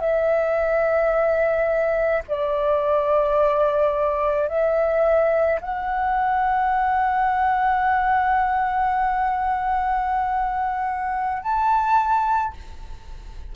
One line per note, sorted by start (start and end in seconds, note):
0.00 2.22 E5
2.28 4.48 D5
4.48 5.60 E5
5.61 11.42 F#5
11.42 12.53 A5